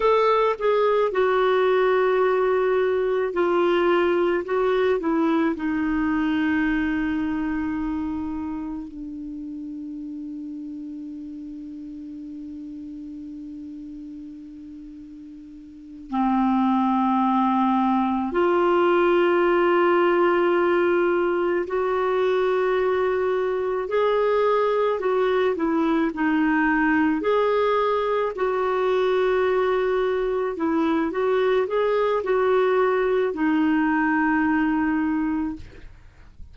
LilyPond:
\new Staff \with { instrumentName = "clarinet" } { \time 4/4 \tempo 4 = 54 a'8 gis'8 fis'2 f'4 | fis'8 e'8 dis'2. | d'1~ | d'2~ d'8 c'4.~ |
c'8 f'2. fis'8~ | fis'4. gis'4 fis'8 e'8 dis'8~ | dis'8 gis'4 fis'2 e'8 | fis'8 gis'8 fis'4 dis'2 | }